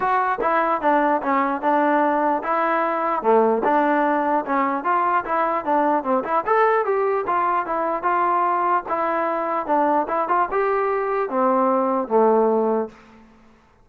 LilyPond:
\new Staff \with { instrumentName = "trombone" } { \time 4/4 \tempo 4 = 149 fis'4 e'4 d'4 cis'4 | d'2 e'2 | a4 d'2 cis'4 | f'4 e'4 d'4 c'8 e'8 |
a'4 g'4 f'4 e'4 | f'2 e'2 | d'4 e'8 f'8 g'2 | c'2 a2 | }